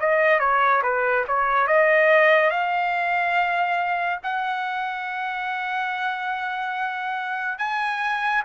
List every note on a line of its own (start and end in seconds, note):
0.00 0.40 D#5
0.40 0.82 C#5
0.83 1.25 B4
1.28 1.67 C#5
1.67 2.50 D#5
2.50 4.19 F5
4.23 7.58 F#5
7.58 8.43 G#5